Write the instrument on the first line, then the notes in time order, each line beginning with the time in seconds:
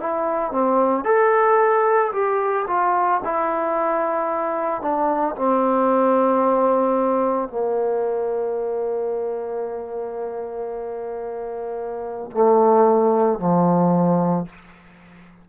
trombone
0.00 E4
0.52 C4
1.05 A4
2.12 G4
2.67 F4
3.24 E4
4.82 D4
5.36 C4
7.49 A#3
12.32 A3
13.39 F3